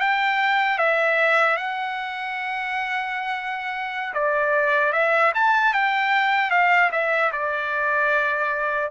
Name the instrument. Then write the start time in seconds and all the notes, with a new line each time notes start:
trumpet
0.00 G5
0.78 E5
1.56 F#5
4.13 D5
4.92 E5
5.34 A5
5.73 G5
6.50 F5
6.92 E5
7.32 D5